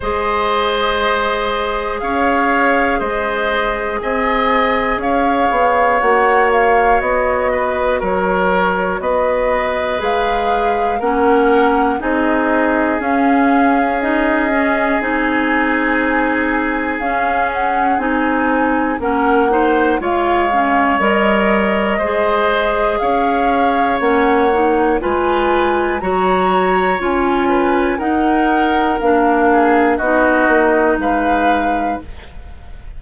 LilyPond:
<<
  \new Staff \with { instrumentName = "flute" } { \time 4/4 \tempo 4 = 60 dis''2 f''4 dis''4 | gis''4 f''4 fis''8 f''8 dis''4 | cis''4 dis''4 f''4 fis''4 | dis''4 f''4 dis''4 gis''4~ |
gis''4 f''8 fis''8 gis''4 fis''4 | f''4 dis''2 f''4 | fis''4 gis''4 ais''4 gis''4 | fis''4 f''4 dis''4 f''4 | }
  \new Staff \with { instrumentName = "oboe" } { \time 4/4 c''2 cis''4 c''4 | dis''4 cis''2~ cis''8 b'8 | ais'4 b'2 ais'4 | gis'1~ |
gis'2. ais'8 c''8 | cis''2 c''4 cis''4~ | cis''4 b'4 cis''4. b'8 | ais'4. gis'8 fis'4 b'4 | }
  \new Staff \with { instrumentName = "clarinet" } { \time 4/4 gis'1~ | gis'2 fis'2~ | fis'2 gis'4 cis'4 | dis'4 cis'4 dis'8 cis'8 dis'4~ |
dis'4 cis'4 dis'4 cis'8 dis'8 | f'8 cis'8 ais'4 gis'2 | cis'8 dis'8 f'4 fis'4 f'4 | dis'4 d'4 dis'2 | }
  \new Staff \with { instrumentName = "bassoon" } { \time 4/4 gis2 cis'4 gis4 | c'4 cis'8 b8 ais4 b4 | fis4 b4 gis4 ais4 | c'4 cis'2 c'4~ |
c'4 cis'4 c'4 ais4 | gis4 g4 gis4 cis'4 | ais4 gis4 fis4 cis'4 | dis'4 ais4 b8 ais8 gis4 | }
>>